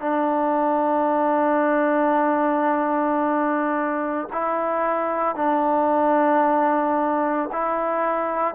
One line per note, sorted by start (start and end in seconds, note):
0.00 4.29 D4
4.33 5.36 E4
5.36 7.50 D4
7.52 8.55 E4